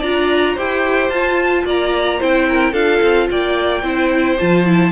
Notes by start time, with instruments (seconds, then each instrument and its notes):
0.00 cello D4, viola F4, violin D5 A#5
0.55 cello E4, viola G4, violin C5 G5
1.09 cello F4, viola F4, violin A5
1.65 cello A#3, violin D5 A#5
2.19 cello C4, viola E4, violin C5 G5
2.49 violin A#4
2.72 cello D4, viola F4, violin A4 F5
3.02 cello C4
3.31 cello A#3, violin D5 G5
3.83 cello C4, viola E4, violin C5
4.39 cello F3, viola F4, violin A5
4.66 viola E4